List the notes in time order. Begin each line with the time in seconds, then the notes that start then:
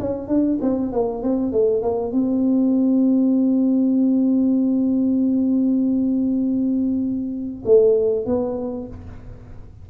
0.00 C#4
0.28 D4
0.62 C4
0.92 A#3
1.22 C4
1.52 A3
1.83 A#3
2.12 C4
7.65 A3
8.26 B3